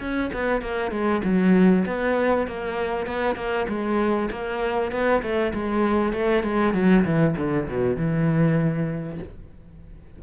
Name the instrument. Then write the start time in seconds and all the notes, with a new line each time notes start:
cello
0.00 C#4
0.33 B3
0.61 A#3
0.91 G#3
1.24 F#3
1.86 B3
2.47 A#3
3.06 B3
3.36 A#3
3.68 G#3
4.31 A#3
4.91 B3
5.22 A3
5.54 G#3
6.13 A3
6.43 G#3
6.74 F#3
7.05 E3
7.37 D3
7.68 B2
7.96 E3